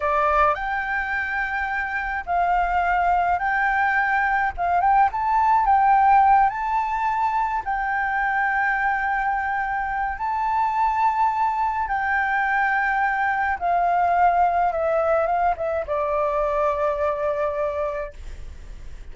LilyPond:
\new Staff \with { instrumentName = "flute" } { \time 4/4 \tempo 4 = 106 d''4 g''2. | f''2 g''2 | f''8 g''8 a''4 g''4. a''8~ | a''4. g''2~ g''8~ |
g''2 a''2~ | a''4 g''2. | f''2 e''4 f''8 e''8 | d''1 | }